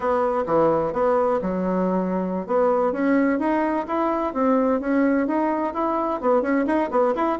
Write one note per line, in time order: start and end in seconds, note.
0.00 0.43 B3
0.46 0.93 E3
0.93 1.39 B3
1.41 2.46 F#3
2.46 2.92 B3
2.92 3.39 C#4
3.39 3.86 D#4
3.87 4.33 E4
4.33 4.80 C4
4.80 5.27 C#4
5.27 5.73 D#4
5.73 6.20 E4
6.20 6.42 B3
6.42 6.65 C#4
6.66 6.89 D#4
6.91 7.14 B3
7.15 7.38 E4